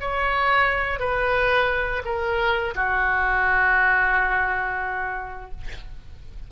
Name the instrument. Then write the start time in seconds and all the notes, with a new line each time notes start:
oboe
0.00 C#5
0.99 B4
2.05 A#4
2.75 F#4